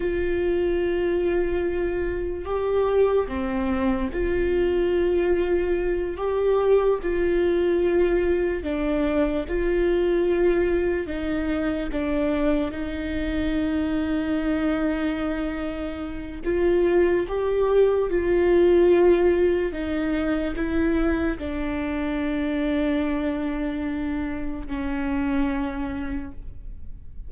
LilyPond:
\new Staff \with { instrumentName = "viola" } { \time 4/4 \tempo 4 = 73 f'2. g'4 | c'4 f'2~ f'8 g'8~ | g'8 f'2 d'4 f'8~ | f'4. dis'4 d'4 dis'8~ |
dis'1 | f'4 g'4 f'2 | dis'4 e'4 d'2~ | d'2 cis'2 | }